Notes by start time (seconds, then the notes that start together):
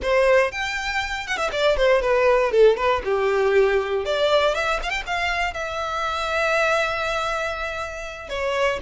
0.02 C5
0.51 G5
1.27 F#5
1.37 E5
1.51 D5
1.76 C5
2.01 B4
2.51 A4
2.76 B4
3.04 G4
4.05 D5
4.54 E5
4.82 F5
4.90 G5
5.06 F5
5.53 E5
8.29 C#5